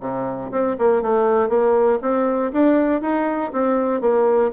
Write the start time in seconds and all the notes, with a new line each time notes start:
0.00 C3
0.51 C4
0.78 A#3
1.02 A3
1.49 A#3
2.01 C4
2.52 D4
3.01 D#4
3.52 C4
4.01 A#3